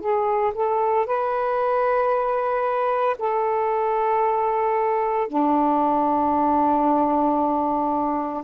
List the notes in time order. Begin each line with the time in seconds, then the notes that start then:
0.00 G#4
0.54 A4
1.06 B4
3.19 A4
5.28 D4